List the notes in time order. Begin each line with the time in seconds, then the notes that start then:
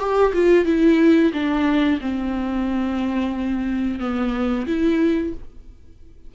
0.00 G4
0.34 F4
0.66 E4
1.34 D4
2.01 C4
4.00 B3
4.67 E4